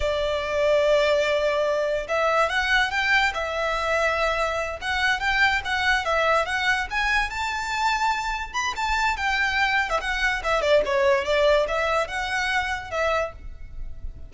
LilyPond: \new Staff \with { instrumentName = "violin" } { \time 4/4 \tempo 4 = 144 d''1~ | d''4 e''4 fis''4 g''4 | e''2.~ e''8 fis''8~ | fis''8 g''4 fis''4 e''4 fis''8~ |
fis''8 gis''4 a''2~ a''8~ | a''8 b''8 a''4 g''4.~ g''16 e''16 | fis''4 e''8 d''8 cis''4 d''4 | e''4 fis''2 e''4 | }